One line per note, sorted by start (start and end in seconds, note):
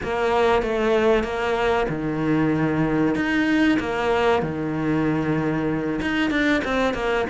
0.03 0.62 A#3
0.62 1.23 A3
1.23 1.86 A#3
1.89 3.15 D#3
3.15 3.78 D#4
3.79 4.42 A#3
4.42 6.00 D#3
6.01 6.30 D#4
6.30 6.61 D4
6.64 6.94 C4
6.94 7.25 A#3